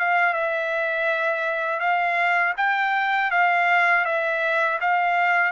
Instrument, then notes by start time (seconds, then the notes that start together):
trumpet
0.00 F5
0.34 E5
1.80 F5
2.57 G5
3.32 F5
4.05 E5
4.81 F5